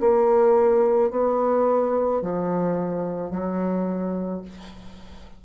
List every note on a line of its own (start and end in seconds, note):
0.00 1.11 A#3
1.11 2.22 B3
2.22 3.30 F3
3.30 4.41 F#3